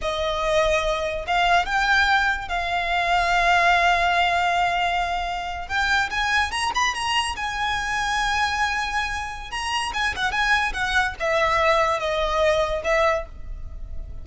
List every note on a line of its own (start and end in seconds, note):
0.01 1.25 D#5
1.27 1.65 F5
1.65 2.48 G5
2.48 5.68 F5
5.68 6.09 G5
6.10 6.51 G#5
6.51 6.71 A#5
6.74 6.94 B5
6.94 7.35 A#5
7.36 9.50 G#5
9.50 9.92 A#5
9.93 10.14 G#5
10.15 10.31 F#5
10.31 10.73 G#5
10.73 11.14 F#5
11.19 11.99 E5
11.99 12.82 D#5
12.84 13.25 E5